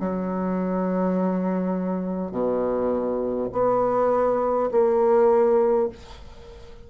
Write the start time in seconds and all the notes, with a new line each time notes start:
0.00 F#3
2.32 B2
3.52 B3
4.72 A#3